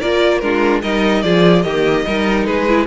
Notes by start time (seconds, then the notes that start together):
0.00 A#3 F4 A#4 D5
0.39 G#3 D4 F4 A#4
0.82 G3 D#4 A#4 D#5
1.22 F3 F4 G#4 D5
1.62 D#3 A#3 G4 D#5
2.06 G3 D#4 A#4
2.45 G#3 G#4 B4
2.68 E4